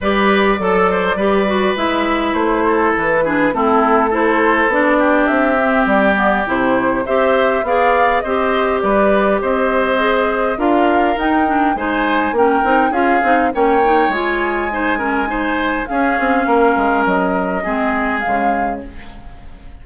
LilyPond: <<
  \new Staff \with { instrumentName = "flute" } { \time 4/4 \tempo 4 = 102 d''2. e''4 | c''4 b'4 a'4 c''4 | d''4 e''4 d''4 c''4 | e''4 f''4 dis''4 d''4 |
dis''2 f''4 g''4 | gis''4 g''4 f''4 g''4 | gis''2. f''4~ | f''4 dis''2 f''4 | }
  \new Staff \with { instrumentName = "oboe" } { \time 4/4 b'4 a'8 c''8 b'2~ | b'8 a'4 gis'8 e'4 a'4~ | a'8 g'2.~ g'8 | c''4 d''4 c''4 b'4 |
c''2 ais'2 | c''4 ais'4 gis'4 cis''4~ | cis''4 c''8 ais'8 c''4 gis'4 | ais'2 gis'2 | }
  \new Staff \with { instrumentName = "clarinet" } { \time 4/4 g'4 a'4 g'8 fis'8 e'4~ | e'4. d'8 c'4 e'4 | d'4. c'4 b8 e'4 | g'4 gis'4 g'2~ |
g'4 gis'4 f'4 dis'8 d'8 | dis'4 cis'8 dis'8 f'8 dis'8 cis'8 dis'8 | f'4 dis'8 cis'8 dis'4 cis'4~ | cis'2 c'4 gis4 | }
  \new Staff \with { instrumentName = "bassoon" } { \time 4/4 g4 fis4 g4 gis4 | a4 e4 a2 | b4 c'4 g4 c4 | c'4 b4 c'4 g4 |
c'2 d'4 dis'4 | gis4 ais8 c'8 cis'8 c'8 ais4 | gis2. cis'8 c'8 | ais8 gis8 fis4 gis4 cis4 | }
>>